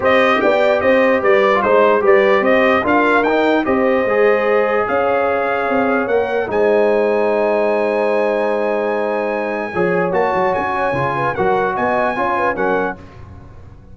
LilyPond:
<<
  \new Staff \with { instrumentName = "trumpet" } { \time 4/4 \tempo 4 = 148 dis''4 g''4 dis''4 d''4 | c''4 d''4 dis''4 f''4 | g''4 dis''2. | f''2. fis''4 |
gis''1~ | gis''1~ | gis''4 a''4 gis''2 | fis''4 gis''2 fis''4 | }
  \new Staff \with { instrumentName = "horn" } { \time 4/4 c''4 d''4 c''4 b'4 | c''4 b'4 c''4 ais'4~ | ais'4 c''2. | cis''1 |
c''1~ | c''1 | cis''2.~ cis''8 b'8 | ais'4 dis''4 cis''8 b'8 ais'4 | }
  \new Staff \with { instrumentName = "trombone" } { \time 4/4 g'2.~ g'8. f'16 | dis'4 g'2 f'4 | dis'4 g'4 gis'2~ | gis'2. ais'4 |
dis'1~ | dis'1 | gis'4 fis'2 f'4 | fis'2 f'4 cis'4 | }
  \new Staff \with { instrumentName = "tuba" } { \time 4/4 c'4 b4 c'4 g4 | gis4 g4 c'4 d'4 | dis'4 c'4 gis2 | cis'2 c'4 ais4 |
gis1~ | gis1 | f4 ais8 fis8 cis'4 cis4 | fis4 b4 cis'4 fis4 | }
>>